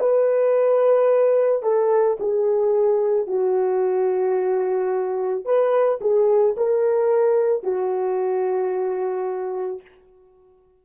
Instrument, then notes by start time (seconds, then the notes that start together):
horn
0.00 B4
1.63 A4
2.20 G#4
3.27 F#4
5.45 B4
6.01 G#4
6.58 A#4
7.64 F#4